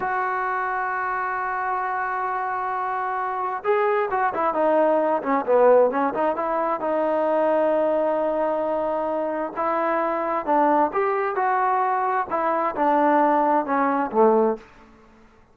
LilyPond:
\new Staff \with { instrumentName = "trombone" } { \time 4/4 \tempo 4 = 132 fis'1~ | fis'1 | gis'4 fis'8 e'8 dis'4. cis'8 | b4 cis'8 dis'8 e'4 dis'4~ |
dis'1~ | dis'4 e'2 d'4 | g'4 fis'2 e'4 | d'2 cis'4 a4 | }